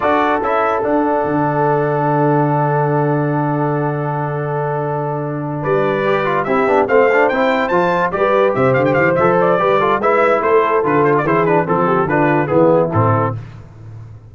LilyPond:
<<
  \new Staff \with { instrumentName = "trumpet" } { \time 4/4 \tempo 4 = 144 d''4 e''4 fis''2~ | fis''1~ | fis''1~ | fis''4. d''2 e''8~ |
e''8 f''4 g''4 a''4 d''8~ | d''8 e''8 f''16 g''16 f''8 e''8 d''4. | e''4 c''4 b'8 c''16 d''16 c''8 b'8 | a'4 b'4 gis'4 a'4 | }
  \new Staff \with { instrumentName = "horn" } { \time 4/4 a'1~ | a'1~ | a'1~ | a'4. b'2 g'8~ |
g'8 c''2. b'8~ | b'8 c''2~ c''8 b'8 a'8 | b'4 a'2 gis'4 | a'8 g'8 f'4 e'2 | }
  \new Staff \with { instrumentName = "trombone" } { \time 4/4 fis'4 e'4 d'2~ | d'1~ | d'1~ | d'2~ d'8 g'8 f'8 e'8 |
d'8 c'8 d'8 e'4 f'4 g'8~ | g'2 a'4 g'8 f'8 | e'2 f'4 e'8 d'8 | c'4 d'4 b4 c'4 | }
  \new Staff \with { instrumentName = "tuba" } { \time 4/4 d'4 cis'4 d'4 d4~ | d1~ | d1~ | d4. g2 c'8 |
b8 a4 c'4 f4 g8~ | g8 c8 d8 e8 f4 g4 | gis4 a4 d4 e4 | f4 d4 e4 a,4 | }
>>